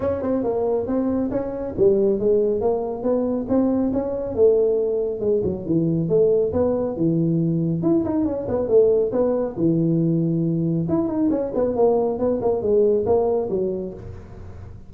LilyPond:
\new Staff \with { instrumentName = "tuba" } { \time 4/4 \tempo 4 = 138 cis'8 c'8 ais4 c'4 cis'4 | g4 gis4 ais4 b4 | c'4 cis'4 a2 | gis8 fis8 e4 a4 b4 |
e2 e'8 dis'8 cis'8 b8 | a4 b4 e2~ | e4 e'8 dis'8 cis'8 b8 ais4 | b8 ais8 gis4 ais4 fis4 | }